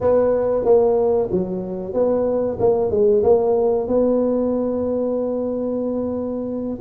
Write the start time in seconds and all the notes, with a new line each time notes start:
0.00 B3
0.65 A#3
1.31 F#3
1.93 B3
2.59 A#3
2.90 G#3
3.23 A#3
3.87 B3